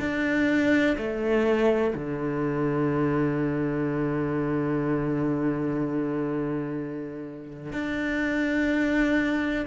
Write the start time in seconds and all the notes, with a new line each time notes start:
0.00 D4
0.97 A3
1.95 D3
7.72 D4